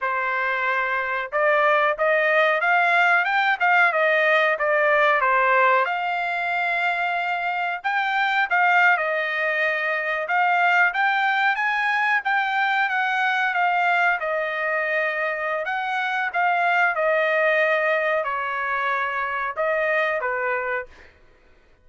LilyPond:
\new Staff \with { instrumentName = "trumpet" } { \time 4/4 \tempo 4 = 92 c''2 d''4 dis''4 | f''4 g''8 f''8 dis''4 d''4 | c''4 f''2. | g''4 f''8. dis''2 f''16~ |
f''8. g''4 gis''4 g''4 fis''16~ | fis''8. f''4 dis''2~ dis''16 | fis''4 f''4 dis''2 | cis''2 dis''4 b'4 | }